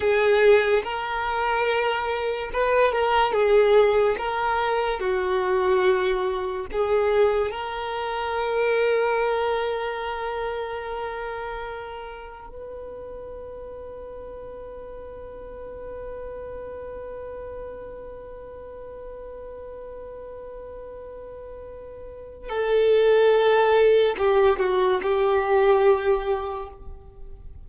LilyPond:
\new Staff \with { instrumentName = "violin" } { \time 4/4 \tempo 4 = 72 gis'4 ais'2 b'8 ais'8 | gis'4 ais'4 fis'2 | gis'4 ais'2.~ | ais'2. b'4~ |
b'1~ | b'1~ | b'2. a'4~ | a'4 g'8 fis'8 g'2 | }